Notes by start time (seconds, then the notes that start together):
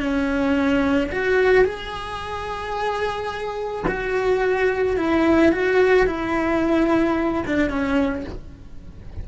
0.00 C#4
1.11 F#4
1.64 G#4
3.88 F#4
4.97 E4
5.52 F#4
6.06 E4
7.46 D4
7.69 C#4